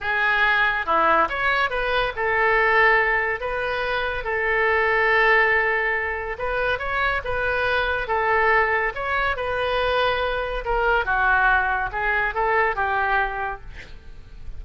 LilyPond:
\new Staff \with { instrumentName = "oboe" } { \time 4/4 \tempo 4 = 141 gis'2 e'4 cis''4 | b'4 a'2. | b'2 a'2~ | a'2. b'4 |
cis''4 b'2 a'4~ | a'4 cis''4 b'2~ | b'4 ais'4 fis'2 | gis'4 a'4 g'2 | }